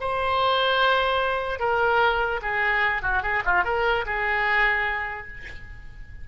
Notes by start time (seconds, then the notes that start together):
0.00 C5
1.59 A#4
2.42 G#4
3.02 F#4
3.22 G#4
3.45 F4
3.64 A#4
4.06 G#4